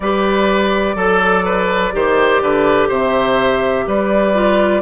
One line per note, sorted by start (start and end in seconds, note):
0.00 0.95 G3
0.00 0.97 G4
0.00 0.96 B4
0.00 2.87 D5
0.95 1.92 F#3
0.95 1.44 A4
0.95 1.92 A4
1.44 1.93 B4
1.92 2.42 D#3
1.92 4.34 G4
1.92 2.42 C5
2.42 2.89 D3
2.42 2.88 B4
2.88 3.85 C3
2.88 3.85 C5
2.88 3.89 E5
3.86 4.82 G3
3.86 4.82 B4
3.86 4.82 D5
4.34 4.82 F4